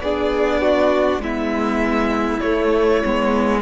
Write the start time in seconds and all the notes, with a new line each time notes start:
0.00 B3 D4 G#4 D5
0.61 F#4
1.18 G#3 B3 E4 E5
2.40 A3 C#5
3.04 G#3 B3